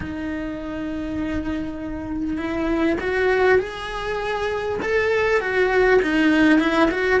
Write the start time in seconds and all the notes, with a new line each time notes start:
0.00 D#4
2.37 E4
3.00 F#4
3.58 G#4
4.82 A4
5.40 F#4
6.02 D#4
6.59 E4
6.91 F#4